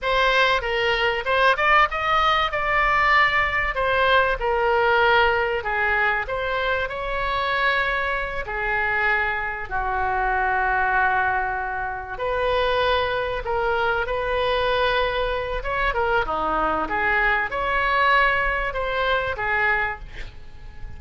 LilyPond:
\new Staff \with { instrumentName = "oboe" } { \time 4/4 \tempo 4 = 96 c''4 ais'4 c''8 d''8 dis''4 | d''2 c''4 ais'4~ | ais'4 gis'4 c''4 cis''4~ | cis''4. gis'2 fis'8~ |
fis'2.~ fis'8 b'8~ | b'4. ais'4 b'4.~ | b'4 cis''8 ais'8 dis'4 gis'4 | cis''2 c''4 gis'4 | }